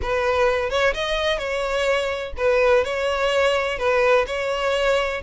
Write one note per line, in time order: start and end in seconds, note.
0.02 0.70 B4
0.70 0.93 C#5
0.93 1.38 D#5
1.38 2.32 C#5
2.37 2.84 B4
2.84 3.78 C#5
3.78 4.25 B4
4.26 5.21 C#5